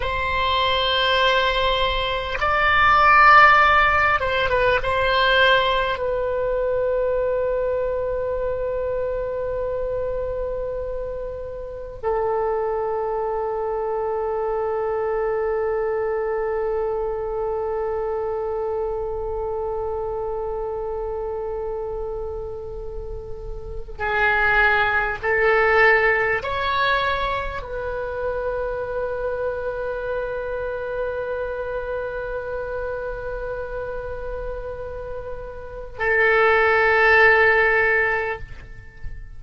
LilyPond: \new Staff \with { instrumentName = "oboe" } { \time 4/4 \tempo 4 = 50 c''2 d''4. c''16 b'16 | c''4 b'2.~ | b'2 a'2~ | a'1~ |
a'1 | gis'4 a'4 cis''4 b'4~ | b'1~ | b'2 a'2 | }